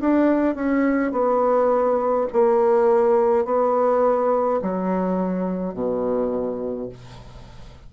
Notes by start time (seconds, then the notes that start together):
0.00 D4
0.55 C#4
1.12 B3
2.33 A#3
3.45 B3
4.62 F#3
5.74 B2